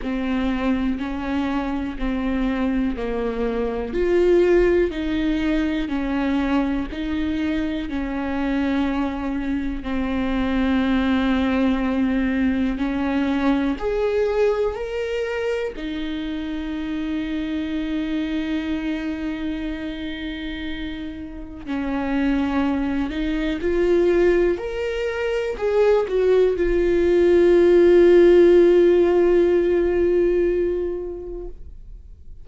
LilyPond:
\new Staff \with { instrumentName = "viola" } { \time 4/4 \tempo 4 = 61 c'4 cis'4 c'4 ais4 | f'4 dis'4 cis'4 dis'4 | cis'2 c'2~ | c'4 cis'4 gis'4 ais'4 |
dis'1~ | dis'2 cis'4. dis'8 | f'4 ais'4 gis'8 fis'8 f'4~ | f'1 | }